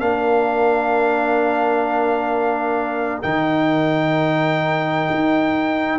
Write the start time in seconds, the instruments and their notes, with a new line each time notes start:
0.00 tuba A#3, trombone D4, horn A#4, trumpet F5
3.22 tuba D#3, trombone D#4, trumpet G5
5.10 tuba D#4